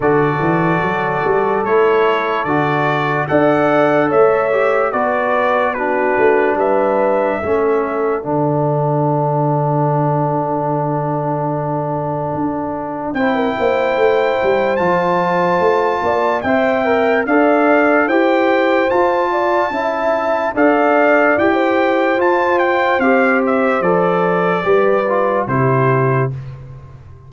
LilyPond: <<
  \new Staff \with { instrumentName = "trumpet" } { \time 4/4 \tempo 4 = 73 d''2 cis''4 d''4 | fis''4 e''4 d''4 b'4 | e''2 fis''2~ | fis''1 |
g''2 a''2 | g''4 f''4 g''4 a''4~ | a''4 f''4 g''4 a''8 g''8 | f''8 e''8 d''2 c''4 | }
  \new Staff \with { instrumentName = "horn" } { \time 4/4 a'1 | d''4 cis''4 b'4 fis'4 | b'4 a'2.~ | a'1 |
c''16 ais'16 c''2. d''8 | e''4 d''4 c''4. d''8 | e''4 d''4~ d''16 c''4.~ c''16~ | c''2 b'4 g'4 | }
  \new Staff \with { instrumentName = "trombone" } { \time 4/4 fis'2 e'4 fis'4 | a'4. g'8 fis'4 d'4~ | d'4 cis'4 d'2~ | d'1 |
e'2 f'2 | c''8 ais'8 a'4 g'4 f'4 | e'4 a'4 g'4 f'4 | g'4 a'4 g'8 f'8 e'4 | }
  \new Staff \with { instrumentName = "tuba" } { \time 4/4 d8 e8 fis8 g8 a4 d4 | d'4 a4 b4. a8 | g4 a4 d2~ | d2. d'4 |
c'8 ais8 a8 g8 f4 a8 ais8 | c'4 d'4 e'4 f'4 | cis'4 d'4 e'4 f'4 | c'4 f4 g4 c4 | }
>>